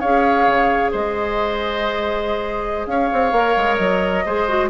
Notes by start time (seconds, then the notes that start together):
0.00 C#4 G#4 C#5 F5
0.48 C#3
0.92 G#3 C5 D#5
2.86 C#4 C#5 F5
3.13 C4
3.32 A#3 A#4
3.57 G#3
3.76 F#3 D#5
4.25 G#3 G#4 C5
4.49 F#4